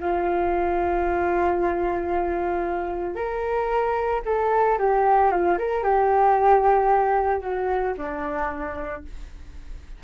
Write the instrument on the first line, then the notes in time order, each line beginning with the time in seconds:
flute
0.00 F4
3.15 A#4
4.25 A4
4.79 G4
5.31 F4
5.58 A#4
5.83 G4
7.41 F#4
7.97 D4